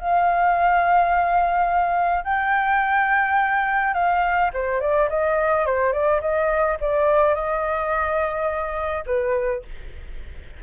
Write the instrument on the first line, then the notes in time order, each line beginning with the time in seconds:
flute
0.00 F5
2.24 G5
3.94 F5
4.54 C5
4.81 D5
5.10 D#5
5.66 C5
5.93 D5
6.21 D#5
6.81 D5
7.35 D#5
9.06 B4